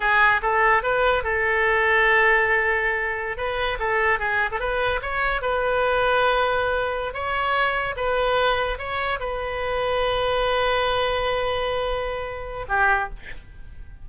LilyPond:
\new Staff \with { instrumentName = "oboe" } { \time 4/4 \tempo 4 = 147 gis'4 a'4 b'4 a'4~ | a'1~ | a'16 b'4 a'4 gis'8. a'16 b'8.~ | b'16 cis''4 b'2~ b'8.~ |
b'4. cis''2 b'8~ | b'4. cis''4 b'4.~ | b'1~ | b'2. g'4 | }